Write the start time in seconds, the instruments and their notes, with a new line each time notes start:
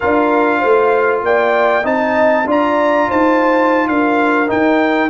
0.00 tuba D4, trombone F4, horn A#4, trumpet F5
0.59 tuba A3, horn C5
1.22 tuba A#3, horn D5, trumpet G5
1.83 tuba C4, trombone D#4, horn D#5, trumpet A5
2.45 tuba D4, trombone F4, horn D5, trumpet A#5
3.09 tuba D#4, horn C5, trumpet A5
3.87 tuba D4, horn A#4, trumpet F5
4.47 trombone D#4, tuba D#4, trumpet G5